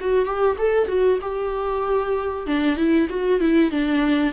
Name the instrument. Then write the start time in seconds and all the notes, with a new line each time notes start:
viola
0.00 F#4
0.25 G4
0.58 A4
0.88 F#4
1.21 G4
2.47 D4
2.77 E4
3.09 F#4
3.40 E4
3.71 D4